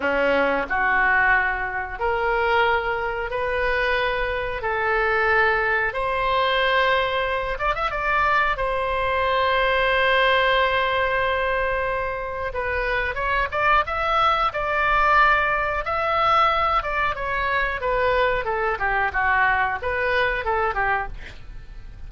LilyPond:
\new Staff \with { instrumentName = "oboe" } { \time 4/4 \tempo 4 = 91 cis'4 fis'2 ais'4~ | ais'4 b'2 a'4~ | a'4 c''2~ c''8 d''16 e''16 | d''4 c''2.~ |
c''2. b'4 | cis''8 d''8 e''4 d''2 | e''4. d''8 cis''4 b'4 | a'8 g'8 fis'4 b'4 a'8 g'8 | }